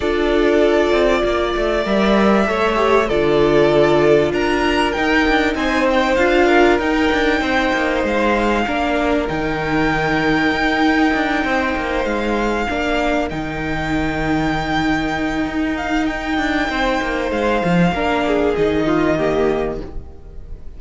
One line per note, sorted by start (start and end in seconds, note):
0.00 0.91 D4
0.00 1.84 F4
0.00 1.21 A4
0.00 1.85 D5
0.91 1.22 C4
1.24 1.55 A#3
1.24 2.48 D5
1.55 1.85 A3
1.84 2.47 G3
1.84 2.46 A#4
1.84 3.08 E5
2.47 3.10 A3
2.47 2.75 A4
2.47 3.08 C#5
2.75 3.06 G4
3.08 4.31 D3
3.08 4.95 F4
3.08 4.31 A4
3.08 4.32 D5
4.31 4.93 D4
4.31 5.56 A#4
4.31 4.91 A#5
4.91 6.19 D#4
4.91 5.28 D#4
4.91 5.53 G5
5.28 5.54 D4
5.54 6.16 C4
5.54 6.47 C5
5.54 5.86 G#5
5.90 6.15 G5
6.15 6.78 D4
6.15 6.80 F4
6.15 6.77 F5
6.47 7.40 A#4
6.78 7.09 D#4
6.78 8.66 D#4
6.78 8.03 G5
7.12 7.40 D4
7.40 7.71 C4
7.40 8.64 C5
7.73 8.03 A#3
8.03 8.65 G#3
8.03 9.28 F5
8.66 9.28 A#3
8.66 9.27 D4
8.66 11.45 A#4
9.27 10.51 D#3
9.27 12.67 D#4
9.27 12.04 G5
10.51 11.12 D#4
11.14 11.44 D4
11.44 11.74 C4
11.44 12.68 C5
11.76 12.04 A#3
12.04 12.66 G#3
12.04 13.28 F5
12.68 13.31 A#3
12.68 13.29 D4
12.68 16.70 A#4
13.29 15.45 D#3
13.29 17.93 D#4
13.29 15.76 G5
15.45 16.37 D#4
15.76 16.06 F5
16.06 17.29 G5
16.37 16.68 D4
16.69 17.00 C4
16.69 17.93 C5
17.01 17.31 A#3
17.31 17.62 G#3
17.31 18.55 F5
17.64 17.91 F3
17.91 18.53 A#3
17.91 18.56 D4
17.91 18.26 A#4
18.27 18.86 G#4
18.55 19.80 D#3
18.55 19.18 D#4
18.55 19.78 D#5
18.86 19.17 F4
19.17 19.80 A#3
19.17 19.79 G4